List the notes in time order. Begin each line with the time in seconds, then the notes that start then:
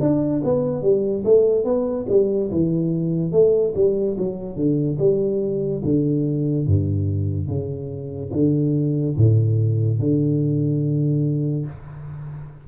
0.00 D4
0.44 B3
0.82 G3
1.25 A3
1.64 B3
2.09 G3
2.51 E3
3.32 A3
3.75 G3
4.18 F#3
4.55 D3
4.98 G3
5.84 D3
6.66 G2
7.47 C#3
8.33 D3
9.16 A2
9.99 D3